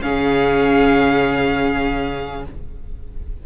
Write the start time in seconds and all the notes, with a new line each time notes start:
0.00 C#3 C#4 G#4 F5